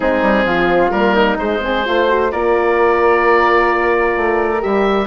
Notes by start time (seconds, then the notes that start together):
0.00 G#3 C4 D#4 G#4
0.21 G3
0.45 F3 F4
0.90 G3 A#3 A#4
1.14 D#4
1.37 G#3 C5
1.61 C4 G#4
1.85 A3 F4 C5
2.07 F#4
2.31 A#3 F4 A#4 D5
4.16 A3
4.59 G3 G4 E5